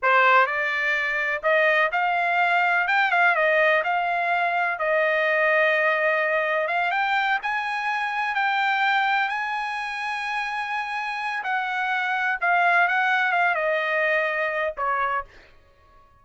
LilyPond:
\new Staff \with { instrumentName = "trumpet" } { \time 4/4 \tempo 4 = 126 c''4 d''2 dis''4 | f''2 g''8 f''8 dis''4 | f''2 dis''2~ | dis''2 f''8 g''4 gis''8~ |
gis''4. g''2 gis''8~ | gis''1 | fis''2 f''4 fis''4 | f''8 dis''2~ dis''8 cis''4 | }